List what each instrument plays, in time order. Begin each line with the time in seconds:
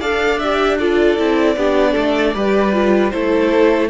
0.00 cello D4, viola A4, violin D5 F5
0.39 viola G4, violin E5
0.78 viola F4, violin A4 D5
1.18 cello C4, viola E4
1.56 cello B3, viola D4, violin G4
1.93 cello A3, violin A4
2.35 cello G3, viola G4, violin B4
2.73 viola F4
3.10 cello A3, viola E4, violin A4 C5